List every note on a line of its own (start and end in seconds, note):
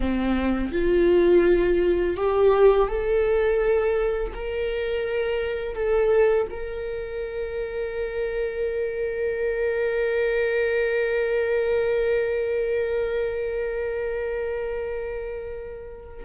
0.00 0.72 C4
0.72 2.16 F4
2.16 2.88 G4
2.88 4.32 A4
4.34 5.75 A#4
5.75 6.47 A4
6.50 16.25 A#4